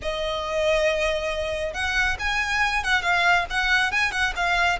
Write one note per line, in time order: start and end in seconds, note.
0.02 1.73 D#5
1.73 2.17 F#5
2.19 2.83 G#5
2.83 3.02 F#5
3.02 3.45 F5
3.50 3.91 F#5
3.91 4.11 G#5
4.11 4.33 F#5
4.35 4.79 F5